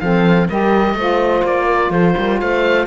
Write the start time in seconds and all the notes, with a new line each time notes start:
0.00 F3 C4 A4 F5
0.49 G3 G4 A#4 D#5
0.95 A3 F4 C5
1.44 A#3 D5
1.66 A#4
1.91 F3 A4 C5
2.16 G3 A#4
2.40 A3 C5 F5